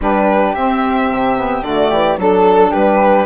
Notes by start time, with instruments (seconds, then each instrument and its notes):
0.00 bassoon G3, saxophone D4, flute G4, violin B4
0.54 bassoon C4, saxophone C4, violin E5
1.09 bassoon C3
1.36 saxophone B3
1.61 bassoon D3, saxophone A3, flute F#4, violin D5
1.90 bassoon E3, flute G4
2.17 bassoon F#3, saxophone D4, flute A4, violin A4
2.70 bassoon G3, flute G4, violin B4